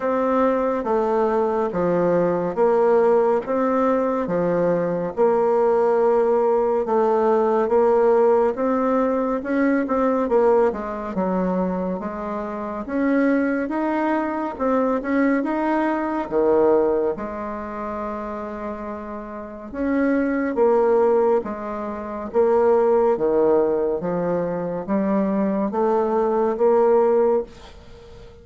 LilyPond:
\new Staff \with { instrumentName = "bassoon" } { \time 4/4 \tempo 4 = 70 c'4 a4 f4 ais4 | c'4 f4 ais2 | a4 ais4 c'4 cis'8 c'8 | ais8 gis8 fis4 gis4 cis'4 |
dis'4 c'8 cis'8 dis'4 dis4 | gis2. cis'4 | ais4 gis4 ais4 dis4 | f4 g4 a4 ais4 | }